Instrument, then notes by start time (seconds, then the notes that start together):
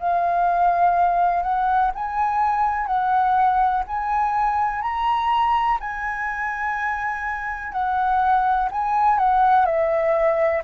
flute
0.00 F5
1.43 F#5
1.95 G#5
2.87 F#5
3.88 G#5
4.83 A#5
5.81 G#5
7.73 F#5
8.72 G#5
9.19 F#5
9.66 E5